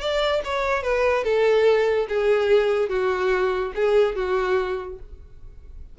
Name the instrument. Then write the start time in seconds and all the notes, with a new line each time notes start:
violin
0.00 D5
0.44 C#5
0.83 B4
1.24 A4
2.08 G#4
2.89 F#4
3.75 G#4
4.16 F#4